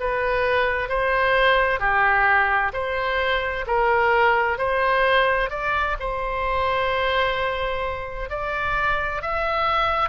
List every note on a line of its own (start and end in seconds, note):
0.00 0.89 B4
0.89 1.80 C5
1.80 2.72 G4
2.73 3.65 C5
3.67 4.58 A#4
4.58 5.50 C5
5.50 5.97 D5
6.00 8.30 C5
8.30 9.22 D5
9.22 10.10 E5